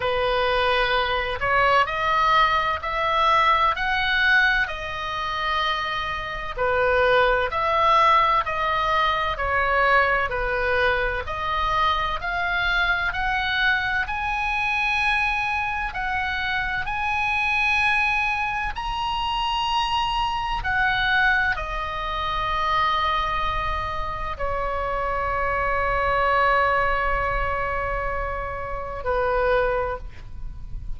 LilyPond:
\new Staff \with { instrumentName = "oboe" } { \time 4/4 \tempo 4 = 64 b'4. cis''8 dis''4 e''4 | fis''4 dis''2 b'4 | e''4 dis''4 cis''4 b'4 | dis''4 f''4 fis''4 gis''4~ |
gis''4 fis''4 gis''2 | ais''2 fis''4 dis''4~ | dis''2 cis''2~ | cis''2. b'4 | }